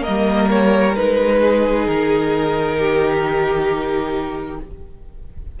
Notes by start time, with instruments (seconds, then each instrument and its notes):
0.00 viola A#3, violin A#4 D#5
0.07 cello G3
0.50 violin C#5
0.95 cello G#3, viola D#4, violin B4
1.41 violin G#4
1.86 cello D#3, violin A#4
2.77 violin G4